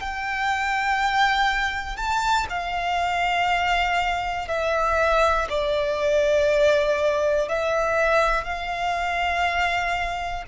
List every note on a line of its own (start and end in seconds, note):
0.00 1.97 G5
1.97 2.47 A5
2.50 4.48 F5
4.48 5.48 E5
5.50 7.49 D5
7.49 8.45 E5
8.45 10.45 F5